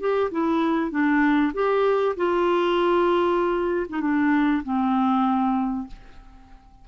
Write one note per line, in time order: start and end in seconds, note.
0.00 0.31 G4
0.31 0.91 E4
0.91 1.53 D4
1.54 2.16 G4
2.16 3.87 F4
3.89 4.01 D#4
4.01 4.63 D4
4.64 5.87 C4